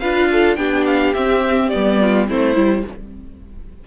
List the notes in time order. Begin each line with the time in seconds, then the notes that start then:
0.00 D4 F4 B4 F5
0.32 A4
0.56 B3 D4 G4 G5
0.87 F5
1.15 C4 E5
1.70 G3 B3 D5
2.00 F4
2.28 A3 C4 E4 C5
2.55 G3 E4